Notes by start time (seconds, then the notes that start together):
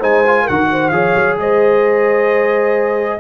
0.00 G#3 D#4 C5 G#5
0.27 F4
0.43 A#4 F#5
0.49 D#3 F#4
0.72 C5
0.89 F3 G#4 C#5 F5
1.16 F#3
1.38 G#3 C5 D#5